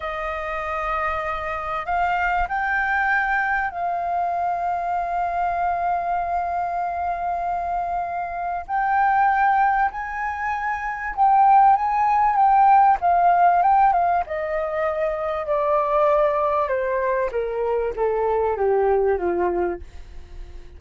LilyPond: \new Staff \with { instrumentName = "flute" } { \time 4/4 \tempo 4 = 97 dis''2. f''4 | g''2 f''2~ | f''1~ | f''2 g''2 |
gis''2 g''4 gis''4 | g''4 f''4 g''8 f''8 dis''4~ | dis''4 d''2 c''4 | ais'4 a'4 g'4 f'4 | }